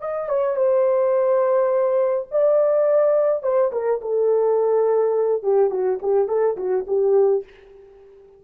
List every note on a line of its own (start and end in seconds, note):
0.00 0.29 D#5
0.29 0.56 C#5
0.56 2.27 C5
2.31 3.43 D5
3.43 3.71 C5
3.72 4.00 A#4
4.01 5.43 A4
5.43 5.70 G4
5.70 5.99 F#4
6.02 6.28 G4
6.28 6.56 A4
6.57 6.85 F#4
6.87 7.44 G4